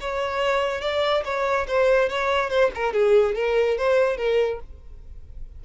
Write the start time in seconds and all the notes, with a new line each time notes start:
0.00 C#5
0.81 D5
1.24 C#5
1.67 C5
2.09 C#5
2.49 C5
2.74 A#4
2.93 G#4
3.35 A#4
3.77 C5
4.17 A#4